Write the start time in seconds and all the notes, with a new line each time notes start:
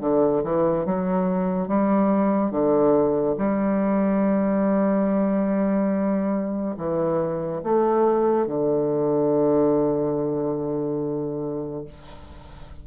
0.00 D3
0.43 E3
0.85 F#3
1.68 G3
2.51 D3
3.38 G3
6.77 E3
7.63 A3
8.46 D3